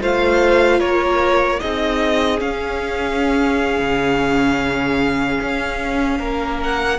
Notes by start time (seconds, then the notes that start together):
0.00 A3 F4 C5 F5
0.79 A#3 A#4 C#5
1.59 C4 D#4 G#4 D#5
2.38 C#4 F5
3.79 C#3
5.40 C#4
6.18 A#3 A#4
6.63 F#5